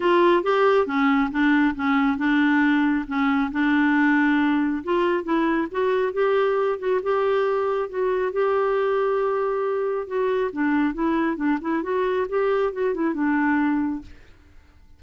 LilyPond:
\new Staff \with { instrumentName = "clarinet" } { \time 4/4 \tempo 4 = 137 f'4 g'4 cis'4 d'4 | cis'4 d'2 cis'4 | d'2. f'4 | e'4 fis'4 g'4. fis'8 |
g'2 fis'4 g'4~ | g'2. fis'4 | d'4 e'4 d'8 e'8 fis'4 | g'4 fis'8 e'8 d'2 | }